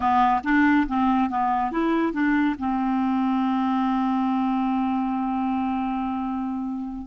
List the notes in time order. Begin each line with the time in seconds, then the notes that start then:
0.00 B3
0.43 D4
0.87 C4
1.29 B3
1.71 E4
2.13 D4
2.58 C4